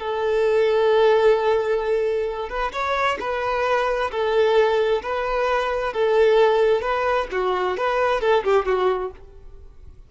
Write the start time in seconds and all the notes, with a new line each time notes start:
0.00 A4
2.50 B4
2.73 C#5
3.20 B4
4.11 A4
5.02 B4
5.93 A4
6.82 B4
7.32 F#4
7.77 B4
8.21 A4
8.44 G4
8.66 F#4